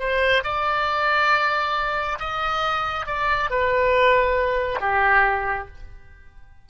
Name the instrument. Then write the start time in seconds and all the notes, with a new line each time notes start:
oboe
0.00 C5
0.44 D5
2.20 D#5
3.07 D5
3.51 B4
4.81 G4